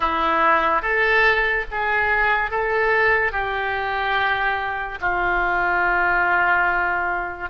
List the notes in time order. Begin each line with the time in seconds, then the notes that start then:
0.00 E4
0.81 A4
1.71 G#4
2.50 A4
3.31 G4
5.00 F4